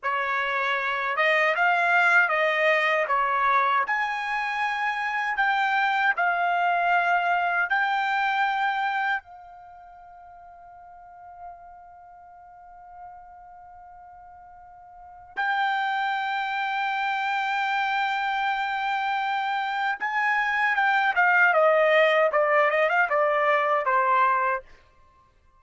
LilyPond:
\new Staff \with { instrumentName = "trumpet" } { \time 4/4 \tempo 4 = 78 cis''4. dis''8 f''4 dis''4 | cis''4 gis''2 g''4 | f''2 g''2 | f''1~ |
f''1 | g''1~ | g''2 gis''4 g''8 f''8 | dis''4 d''8 dis''16 f''16 d''4 c''4 | }